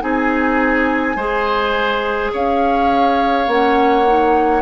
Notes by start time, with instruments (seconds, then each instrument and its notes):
0.00 bassoon C4, clarinet D#4, oboe G#4, flute G#5
1.16 bassoon G#3, clarinet G#4, oboe C5
2.32 bassoon C#4, oboe C#5, flute F5
3.48 bassoon A#3, clarinet C#4, flute F#5
4.06 clarinet D#4